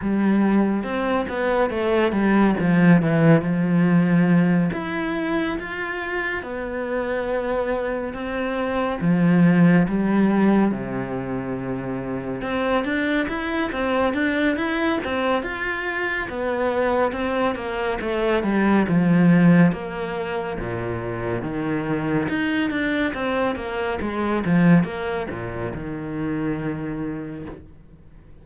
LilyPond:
\new Staff \with { instrumentName = "cello" } { \time 4/4 \tempo 4 = 70 g4 c'8 b8 a8 g8 f8 e8 | f4. e'4 f'4 b8~ | b4. c'4 f4 g8~ | g8 c2 c'8 d'8 e'8 |
c'8 d'8 e'8 c'8 f'4 b4 | c'8 ais8 a8 g8 f4 ais4 | ais,4 dis4 dis'8 d'8 c'8 ais8 | gis8 f8 ais8 ais,8 dis2 | }